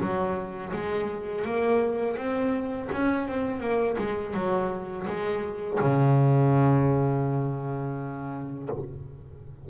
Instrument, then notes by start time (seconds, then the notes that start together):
double bass
0.00 F#3
0.73 G#3
1.45 A#3
2.17 C4
2.92 C#4
3.28 C4
3.60 A#3
3.98 G#3
4.34 F#3
5.07 G#3
5.80 C#3